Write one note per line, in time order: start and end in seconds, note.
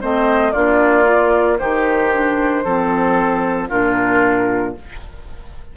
0.00 0.55 A3
0.00 0.53 C4
0.00 0.52 C5
0.00 0.52 D#5
0.52 1.60 A#3
0.52 1.04 D4
0.52 1.57 F4
0.52 1.57 D5
1.04 1.57 F4
1.58 2.64 D#3
1.58 2.12 D#4
1.58 2.64 G4
1.58 3.68 C5
2.12 2.64 D4
2.64 3.70 F3
2.64 3.69 C4
2.64 3.68 A4
3.68 4.76 A#2
3.68 4.75 D4
3.68 4.74 F4
3.68 4.74 A#4